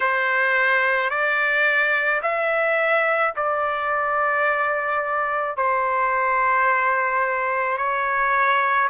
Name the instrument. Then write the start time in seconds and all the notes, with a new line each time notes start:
trumpet
0.00 C5
1.10 D5
2.22 E5
3.35 D5
5.56 C5
7.77 C#5